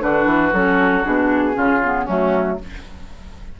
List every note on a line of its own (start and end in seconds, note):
0.00 0.26 D3
0.00 0.52 D4
0.00 1.56 F#4
0.00 0.54 B4
0.26 0.51 E3
0.53 1.04 F#3
0.53 1.04 C#4
0.53 1.05 A4
1.04 1.57 B2
1.04 1.53 D4
1.04 2.07 G#4
1.53 2.08 C#3
1.53 1.79 C#4
1.53 2.04 F4
1.84 2.07 B3
2.04 2.60 F#3
2.04 2.59 A3
2.04 2.56 C#4
2.04 2.58 F#4